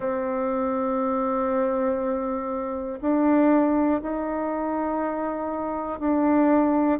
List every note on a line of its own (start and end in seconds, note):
0.00 3.00 C4
3.01 4.01 D4
4.01 5.99 D#4
5.99 6.99 D4